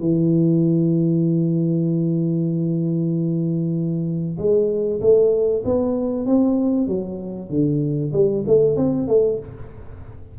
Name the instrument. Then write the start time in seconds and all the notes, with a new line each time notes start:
tuba
0.00 E3
4.38 G#3
5.01 A3
5.65 B3
6.26 C4
6.87 F#3
7.49 D3
8.12 G3
8.47 A3
8.76 C4
9.07 A3